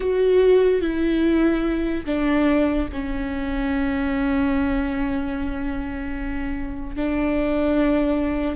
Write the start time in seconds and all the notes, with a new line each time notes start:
0.00 F#4
0.81 E4
2.05 D4
2.92 C#4
6.96 D4